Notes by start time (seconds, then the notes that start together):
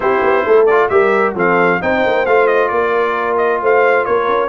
0.00 C4 E4 G4 C5
0.22 B3
0.44 A3 A4
0.65 F4 D5
0.88 G3 G4 A#4 E5
1.34 F3 C4 A4 F5
1.80 C4 D#4 C5 G5
2.06 A#3
2.25 A3 F4 F5
2.47 D#5
2.68 A#3 A#4 D5
3.37 D#5
3.61 A3 C5 F5
4.05 A#3 A#4 C#5
4.27 C#4